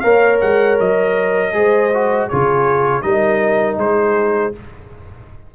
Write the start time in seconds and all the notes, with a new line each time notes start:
0.00 A#3 A#4 C#5 F5
0.41 G#3 F#5
0.80 F#3 D#5
1.53 G#3 G#4 C5
1.94 F#4
2.28 C#3 F4 G#4 C#5
3.02 G3 D#4 A#4 D#5
3.77 G#3 G#4 C5